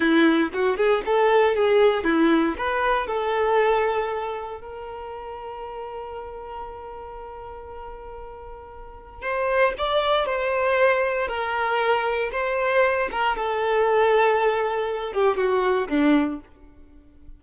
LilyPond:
\new Staff \with { instrumentName = "violin" } { \time 4/4 \tempo 4 = 117 e'4 fis'8 gis'8 a'4 gis'4 | e'4 b'4 a'2~ | a'4 ais'2.~ | ais'1~ |
ais'2 c''4 d''4 | c''2 ais'2 | c''4. ais'8 a'2~ | a'4. g'8 fis'4 d'4 | }